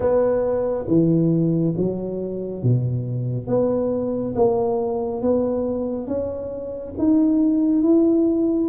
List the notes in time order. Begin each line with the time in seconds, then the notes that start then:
0.00 B3
0.87 E3
1.77 F#3
2.62 B2
3.47 B3
4.35 A#3
5.21 B3
6.07 C#4
6.98 D#4
7.82 E4